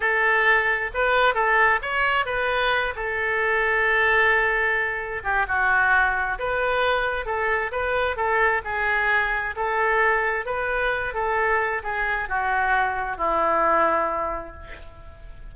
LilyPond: \new Staff \with { instrumentName = "oboe" } { \time 4/4 \tempo 4 = 132 a'2 b'4 a'4 | cis''4 b'4. a'4.~ | a'2.~ a'8 g'8 | fis'2 b'2 |
a'4 b'4 a'4 gis'4~ | gis'4 a'2 b'4~ | b'8 a'4. gis'4 fis'4~ | fis'4 e'2. | }